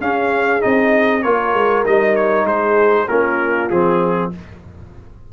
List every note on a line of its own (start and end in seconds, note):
0.00 0.60 C#4
0.00 0.62 C#4
0.00 1.24 G#4
0.00 0.61 F5
0.60 1.24 C4
0.60 1.21 D#4
0.60 1.22 D#5
1.22 1.53 A#3
1.22 1.85 F4
1.22 2.45 A#4
1.22 1.83 C#5
1.53 1.84 G#3
1.85 2.44 G3
1.85 3.07 D#4
1.85 2.15 D#5
2.15 2.46 C#5
2.44 3.05 G#3
2.44 3.06 G#4
2.44 3.08 C5
3.08 3.70 A#3
3.08 3.70 C#4
3.08 4.30 F4
3.08 3.69 A#4
3.70 4.32 F3
3.70 4.32 C4
3.70 4.31 G#4